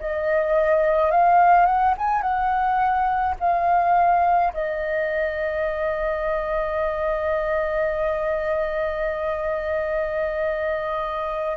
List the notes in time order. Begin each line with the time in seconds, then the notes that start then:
0.00 D#5
1.11 F5
1.66 F#5
1.98 G#5
2.22 F#5
3.40 F5
4.53 D#5